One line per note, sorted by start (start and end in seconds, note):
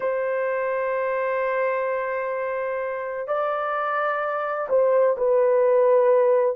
0.00 3.27 C5
3.27 4.68 D5
4.69 5.16 C5
5.17 6.56 B4